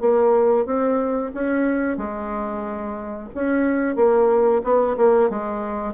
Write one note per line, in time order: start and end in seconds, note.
0.00 0.65 A#3
0.65 1.31 C4
1.34 1.97 C#4
1.97 3.29 G#3
3.34 3.95 C#4
3.95 4.61 A#3
4.63 4.96 B3
4.96 5.30 A#3
5.30 5.93 G#3